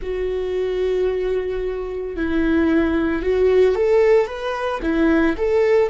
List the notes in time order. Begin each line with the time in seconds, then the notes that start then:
0.01 F#4
2.16 E4
3.22 F#4
3.75 A4
4.26 B4
4.82 E4
5.37 A4